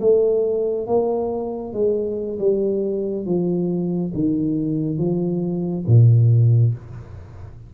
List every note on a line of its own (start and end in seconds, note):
0.00 0.87 A3
0.87 1.73 A#3
1.73 2.38 G#3
2.39 3.26 G3
3.26 4.13 F3
4.14 4.98 D#3
4.98 5.85 F3
5.87 6.74 A#2